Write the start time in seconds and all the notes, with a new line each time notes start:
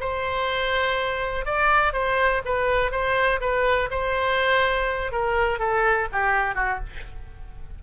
0.00 C5
1.45 D5
1.93 C5
2.45 B4
2.91 C5
3.40 B4
3.90 C5
5.12 A#4
5.59 A4
6.12 G4
6.55 F#4